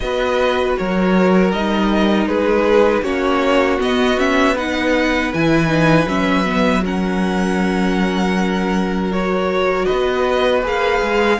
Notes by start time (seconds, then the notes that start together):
0.00 B3 F#4 B4 D#5
0.77 F#3 A#4 C#5
1.51 G3 D#4 D#5
2.26 G#3 G#4 B4
3.02 A#3 C#4 F#4 C#5
3.79 B3 D#5
4.17 C#4 E5
4.55 D#4 B4 F#5
5.33 E3 E4 G#5
5.66 D#4
6.06 F#3 C#4 E5
6.44 B3
6.83 C#4 A#4 F#5
9.12 F#4 C#5
9.85 B4 D#5
9.91 B3
10.63 A#3 G#4 F5
11.02 G#3